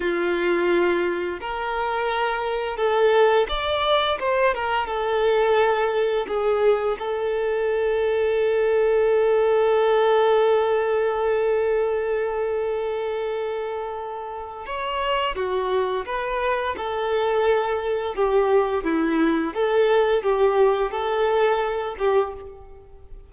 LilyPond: \new Staff \with { instrumentName = "violin" } { \time 4/4 \tempo 4 = 86 f'2 ais'2 | a'4 d''4 c''8 ais'8 a'4~ | a'4 gis'4 a'2~ | a'1~ |
a'1~ | a'4 cis''4 fis'4 b'4 | a'2 g'4 e'4 | a'4 g'4 a'4. g'8 | }